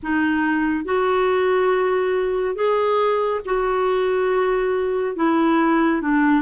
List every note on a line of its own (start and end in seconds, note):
0.02 0.84 D#4
0.84 2.55 F#4
2.55 3.41 G#4
3.45 5.15 F#4
5.15 6.01 E4
6.01 6.42 D4